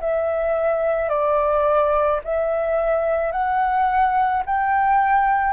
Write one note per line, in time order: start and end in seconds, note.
0.00 1.09 E5
1.09 2.20 D5
2.24 3.31 E5
3.31 4.42 F#5
4.45 5.53 G5